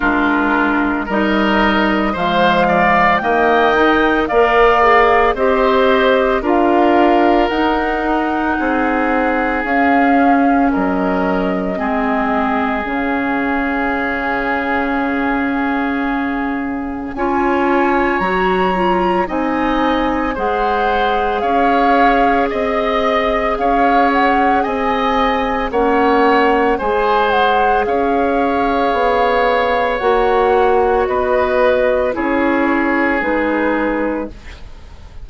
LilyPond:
<<
  \new Staff \with { instrumentName = "flute" } { \time 4/4 \tempo 4 = 56 ais'4 dis''4 f''4 g''4 | f''4 dis''4 f''4 fis''4~ | fis''4 f''4 dis''2 | f''1 |
gis''4 ais''4 gis''4 fis''4 | f''4 dis''4 f''8 fis''8 gis''4 | fis''4 gis''8 fis''8 f''2 | fis''4 dis''4 cis''4 b'4 | }
  \new Staff \with { instrumentName = "oboe" } { \time 4/4 f'4 ais'4 c''8 d''8 dis''4 | d''4 c''4 ais'2 | gis'2 ais'4 gis'4~ | gis'1 |
cis''2 dis''4 c''4 | cis''4 dis''4 cis''4 dis''4 | cis''4 c''4 cis''2~ | cis''4 b'4 gis'2 | }
  \new Staff \with { instrumentName = "clarinet" } { \time 4/4 d'4 dis'4 gis4 ais8 dis'8 | ais'8 gis'8 g'4 f'4 dis'4~ | dis'4 cis'2 c'4 | cis'1 |
f'4 fis'8 f'8 dis'4 gis'4~ | gis'1 | cis'4 gis'2. | fis'2 e'4 dis'4 | }
  \new Staff \with { instrumentName = "bassoon" } { \time 4/4 gis4 g4 f4 dis4 | ais4 c'4 d'4 dis'4 | c'4 cis'4 fis4 gis4 | cis1 |
cis'4 fis4 c'4 gis4 | cis'4 c'4 cis'4 c'4 | ais4 gis4 cis'4 b4 | ais4 b4 cis'4 gis4 | }
>>